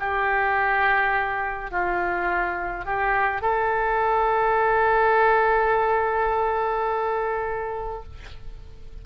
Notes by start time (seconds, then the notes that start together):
0.00 G4
1.71 F4
2.86 G4
3.42 A4